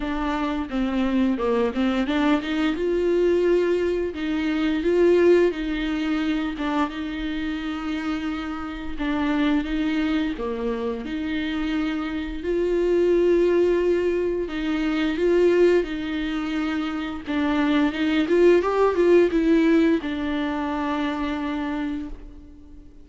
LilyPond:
\new Staff \with { instrumentName = "viola" } { \time 4/4 \tempo 4 = 87 d'4 c'4 ais8 c'8 d'8 dis'8 | f'2 dis'4 f'4 | dis'4. d'8 dis'2~ | dis'4 d'4 dis'4 ais4 |
dis'2 f'2~ | f'4 dis'4 f'4 dis'4~ | dis'4 d'4 dis'8 f'8 g'8 f'8 | e'4 d'2. | }